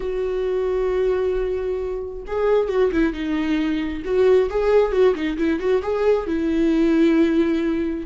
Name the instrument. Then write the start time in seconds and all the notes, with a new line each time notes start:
viola
0.00 F#4
2.27 G#4
2.68 F#4
2.92 E4
3.13 D#4
4.05 F#4
4.50 G#4
4.92 F#4
5.14 D#4
5.37 E4
5.59 F#4
5.82 G#4
6.26 E4